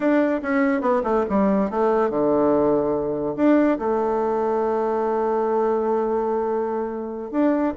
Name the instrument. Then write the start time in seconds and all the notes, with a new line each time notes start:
bassoon
0.00 D4
0.42 C#4
0.81 B3
1.03 A3
1.29 G3
1.70 A3
2.09 D3
3.36 D4
3.78 A3
7.31 D4